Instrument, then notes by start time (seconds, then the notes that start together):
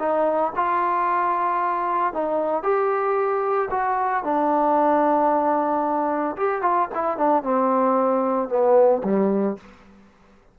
trombone
0.00 D#4
0.56 F4
2.14 D#4
2.63 G4
3.71 F#4
4.24 D4
6.37 G4
6.62 F4
6.95 E4
7.18 D4
7.44 C4
8.49 B3
9.04 G3